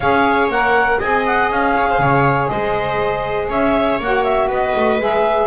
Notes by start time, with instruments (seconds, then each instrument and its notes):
0.00 double bass C#4, saxophone G#4, viola C#5, clarinet F5
0.48 double bass A#3, saxophone A#4, clarinet F#5
0.99 double bass C4, saxophone G#4, viola D#5, clarinet G#5
1.26 clarinet F#5
1.50 double bass C#4, clarinet F5
1.76 viola C#5
1.89 viola C5
1.98 double bass C#3, viola C#5
2.47 double bass G#3, viola C5, clarinet D#5
3.48 double bass C#4, viola C#5, clarinet E5
3.99 double bass A#3, saxophone F#4, clarinet F#5
4.23 clarinet E5
4.47 double bass B3, viola B4, clarinet D#5
4.75 double bass A3
4.99 double bass G#3, saxophone G#4, clarinet E5